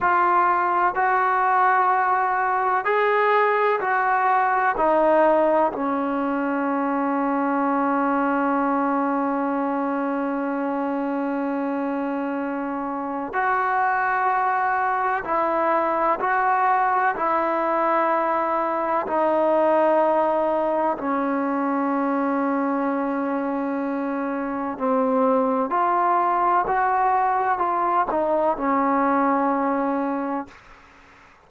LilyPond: \new Staff \with { instrumentName = "trombone" } { \time 4/4 \tempo 4 = 63 f'4 fis'2 gis'4 | fis'4 dis'4 cis'2~ | cis'1~ | cis'2 fis'2 |
e'4 fis'4 e'2 | dis'2 cis'2~ | cis'2 c'4 f'4 | fis'4 f'8 dis'8 cis'2 | }